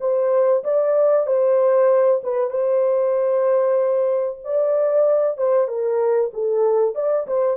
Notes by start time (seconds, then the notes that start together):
0.00 C5
0.64 D5
1.27 C5
2.23 B4
2.50 C5
4.44 D5
5.37 C5
5.68 A#4
6.33 A4
6.95 D5
7.27 C5